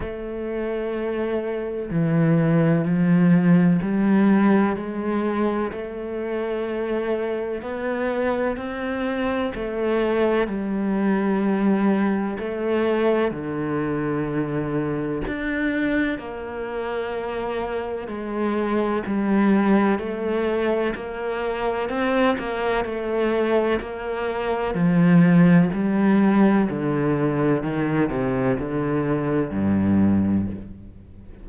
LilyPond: \new Staff \with { instrumentName = "cello" } { \time 4/4 \tempo 4 = 63 a2 e4 f4 | g4 gis4 a2 | b4 c'4 a4 g4~ | g4 a4 d2 |
d'4 ais2 gis4 | g4 a4 ais4 c'8 ais8 | a4 ais4 f4 g4 | d4 dis8 c8 d4 g,4 | }